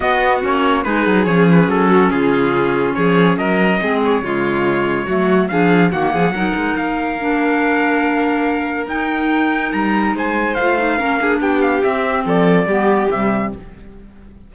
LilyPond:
<<
  \new Staff \with { instrumentName = "trumpet" } { \time 4/4 \tempo 4 = 142 dis''4 cis''4 b'4 cis''8 b'8 | a'4 gis'2 cis''4 | dis''4. cis''2~ cis''8~ | cis''4 f''4 fis''2 |
f''1~ | f''4 g''2 ais''4 | gis''4 f''2 g''8 f''8 | e''4 d''2 e''4 | }
  \new Staff \with { instrumentName = "violin" } { \time 4/4 fis'2 gis'2~ | gis'8 fis'8 f'2 gis'4 | ais'4 gis'4 f'2 | fis'4 gis'4 fis'8 gis'8 ais'4~ |
ais'1~ | ais'1 | c''2 ais'8 gis'8 g'4~ | g'4 a'4 g'2 | }
  \new Staff \with { instrumentName = "clarinet" } { \time 4/4 b4 cis'4 dis'4 cis'4~ | cis'1~ | cis'4 c'4 gis2 | a4 d'4 ais4 dis'4~ |
dis'4 d'2.~ | d'4 dis'2.~ | dis'4 f'8 dis'8 cis'8 d'4. | c'2 b4 g4 | }
  \new Staff \with { instrumentName = "cello" } { \time 4/4 b4 ais4 gis8 fis8 f4 | fis4 cis2 f4 | fis4 gis4 cis2 | fis4 f4 dis8 f8 fis8 gis8 |
ais1~ | ais4 dis'2 g4 | gis4 a4 ais4 b4 | c'4 f4 g4 c4 | }
>>